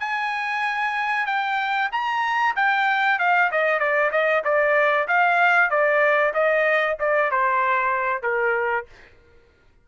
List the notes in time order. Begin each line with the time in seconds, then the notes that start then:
0.00 G#5
1.27 G5
1.92 A#5
2.56 G5
3.19 F5
3.52 D#5
3.80 D5
4.12 D#5
4.45 D5
5.08 F5
5.70 D5
6.34 D#5
7.00 D5
7.31 C5
8.23 A#4